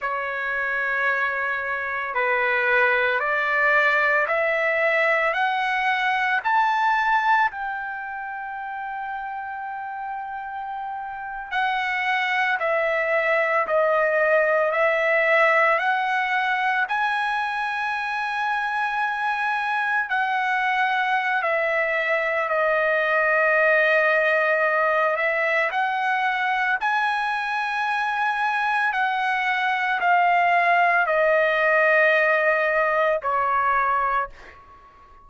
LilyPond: \new Staff \with { instrumentName = "trumpet" } { \time 4/4 \tempo 4 = 56 cis''2 b'4 d''4 | e''4 fis''4 a''4 g''4~ | g''2~ g''8. fis''4 e''16~ | e''8. dis''4 e''4 fis''4 gis''16~ |
gis''2~ gis''8. fis''4~ fis''16 | e''4 dis''2~ dis''8 e''8 | fis''4 gis''2 fis''4 | f''4 dis''2 cis''4 | }